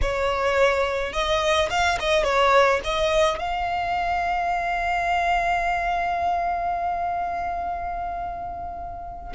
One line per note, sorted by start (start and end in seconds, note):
0.01 1.12 C#5
1.12 1.69 D#5
1.70 1.98 F5
1.99 2.23 D#5
2.23 2.80 C#5
2.84 3.38 D#5
3.38 9.33 F5